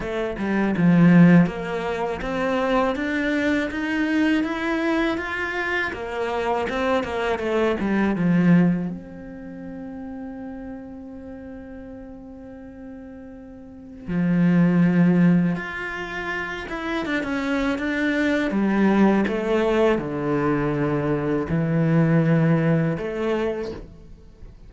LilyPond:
\new Staff \with { instrumentName = "cello" } { \time 4/4 \tempo 4 = 81 a8 g8 f4 ais4 c'4 | d'4 dis'4 e'4 f'4 | ais4 c'8 ais8 a8 g8 f4 | c'1~ |
c'2. f4~ | f4 f'4. e'8 d'16 cis'8. | d'4 g4 a4 d4~ | d4 e2 a4 | }